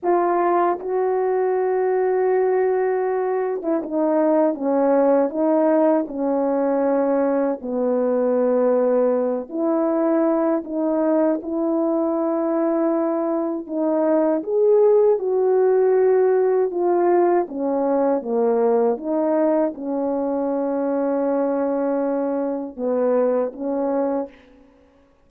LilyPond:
\new Staff \with { instrumentName = "horn" } { \time 4/4 \tempo 4 = 79 f'4 fis'2.~ | fis'8. e'16 dis'4 cis'4 dis'4 | cis'2 b2~ | b8 e'4. dis'4 e'4~ |
e'2 dis'4 gis'4 | fis'2 f'4 cis'4 | ais4 dis'4 cis'2~ | cis'2 b4 cis'4 | }